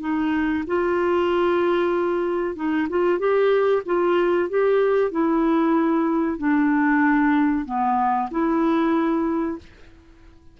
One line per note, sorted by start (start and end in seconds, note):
0.00 0.64 D#4
0.67 2.55 F4
2.55 2.87 D#4
2.89 3.19 F4
3.19 3.82 G4
3.86 4.49 F4
4.49 5.11 G4
5.11 6.38 E4
6.38 7.65 D4
7.65 8.29 B3
8.31 9.58 E4